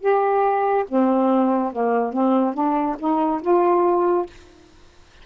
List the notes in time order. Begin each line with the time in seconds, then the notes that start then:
0.00 G4
0.88 C4
1.72 A#3
2.13 C4
2.54 D4
2.99 D#4
3.41 F4